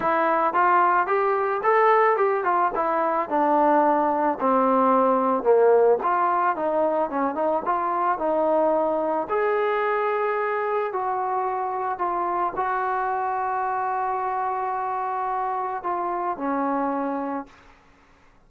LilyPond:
\new Staff \with { instrumentName = "trombone" } { \time 4/4 \tempo 4 = 110 e'4 f'4 g'4 a'4 | g'8 f'8 e'4 d'2 | c'2 ais4 f'4 | dis'4 cis'8 dis'8 f'4 dis'4~ |
dis'4 gis'2. | fis'2 f'4 fis'4~ | fis'1~ | fis'4 f'4 cis'2 | }